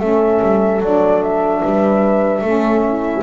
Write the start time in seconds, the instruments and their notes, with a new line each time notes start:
0.00 double bass A3, saxophone C#4, horn A4, flute E5
0.42 double bass G3
0.81 double bass F#3, saxophone D4, flute D5
1.23 flute E5
1.63 double bass G3, horn B4
2.42 double bass A3, saxophone C#4, horn A4
2.88 horn E4